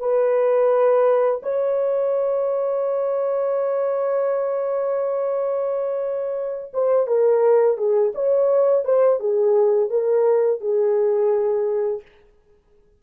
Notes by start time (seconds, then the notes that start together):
0.00 B4
1.43 C#5
6.74 C5
7.07 A#4
7.78 G#4
8.15 C#5
8.85 C5
9.20 G#4
9.90 A#4
10.61 G#4